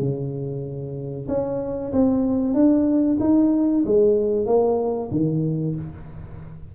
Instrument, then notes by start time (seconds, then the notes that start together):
tuba
0.00 C#3
1.29 C#4
1.93 C4
2.54 D4
3.21 D#4
3.86 G#3
4.46 A#3
5.12 D#3